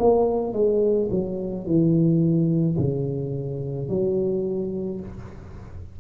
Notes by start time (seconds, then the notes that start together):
0.00 A#3
0.54 G#3
1.11 F#3
1.67 E3
2.78 C#3
3.89 F#3